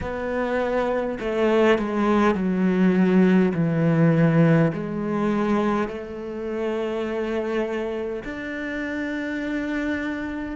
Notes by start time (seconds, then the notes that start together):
0.00 B3
1.19 A3
1.78 G#3
2.35 F#3
3.54 E3
4.73 G#3
5.88 A3
8.24 D4